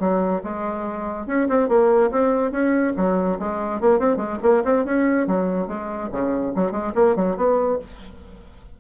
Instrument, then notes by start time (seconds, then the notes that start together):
bassoon
0.00 F#3
0.44 G#3
1.27 C#4
1.49 C4
1.69 A#3
2.11 C4
2.52 C#4
2.97 F#3
3.39 G#3
3.81 A#3
4.00 C4
4.17 G#3
4.43 A#3
4.65 C4
4.85 C#4
5.27 F#3
5.68 G#3
6.12 C#3
6.56 F#3
6.72 G#3
6.95 A#3
7.16 F#3
7.37 B3